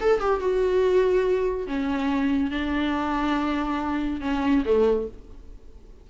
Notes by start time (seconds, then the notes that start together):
0.00 A4
0.20 G4
0.39 F#4
1.67 C#4
2.50 D4
4.21 C#4
4.65 A3